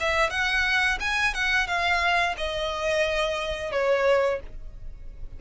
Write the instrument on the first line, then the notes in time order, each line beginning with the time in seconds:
violin
0.00 E5
0.30 F#5
1.00 G#5
1.34 F#5
1.67 F5
2.37 D#5
3.72 C#5